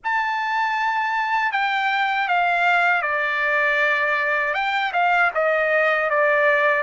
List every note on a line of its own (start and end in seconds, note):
0.03 1.52 A5
1.52 2.28 G5
2.28 3.02 F5
3.02 4.54 D5
4.54 4.92 G5
4.92 5.30 F5
5.34 6.10 D#5
6.10 6.83 D5